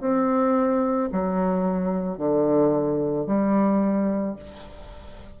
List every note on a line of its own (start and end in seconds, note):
0.00 1.09 C4
1.12 2.17 F#3
2.17 3.26 D3
3.26 4.35 G3